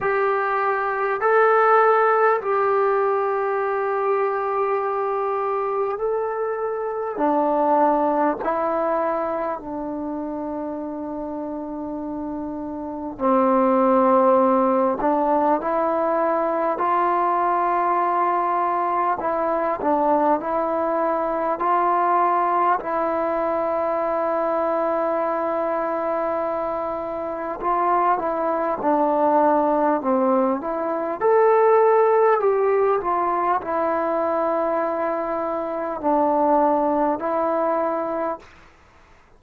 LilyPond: \new Staff \with { instrumentName = "trombone" } { \time 4/4 \tempo 4 = 50 g'4 a'4 g'2~ | g'4 a'4 d'4 e'4 | d'2. c'4~ | c'8 d'8 e'4 f'2 |
e'8 d'8 e'4 f'4 e'4~ | e'2. f'8 e'8 | d'4 c'8 e'8 a'4 g'8 f'8 | e'2 d'4 e'4 | }